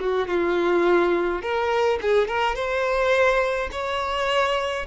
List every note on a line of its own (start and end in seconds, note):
0.00 0.28 F#4
0.28 1.42 F4
1.42 1.99 A#4
2.01 2.27 G#4
2.27 2.55 A#4
2.55 3.70 C5
3.72 4.86 C#5